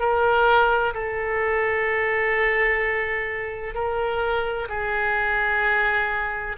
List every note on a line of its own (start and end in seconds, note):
0.00 0.94 A#4
0.94 3.75 A4
3.75 4.68 A#4
4.69 6.57 G#4